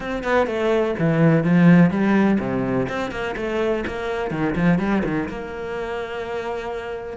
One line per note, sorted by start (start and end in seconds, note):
0.00 0.23 C4
0.23 0.46 B3
0.46 0.94 A3
0.98 1.44 E3
1.44 1.90 F3
1.90 2.38 G3
2.39 2.87 C3
2.88 3.11 C4
3.11 3.35 A#3
3.36 3.84 A3
3.86 4.30 A#3
4.30 4.54 D#3
4.55 4.78 F3
4.78 5.02 G3
5.04 5.28 D#3
5.28 7.17 A#3